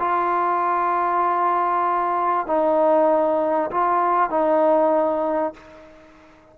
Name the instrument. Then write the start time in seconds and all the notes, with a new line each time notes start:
trombone
0.00 F4
2.47 D#4
3.71 F4
4.30 D#4